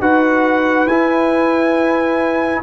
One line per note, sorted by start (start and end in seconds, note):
0.00 0.85 D#4
0.00 0.88 F#4
0.00 2.61 B4
0.00 0.87 F#5
0.85 2.59 E4
0.85 2.62 E4
0.85 2.61 G#5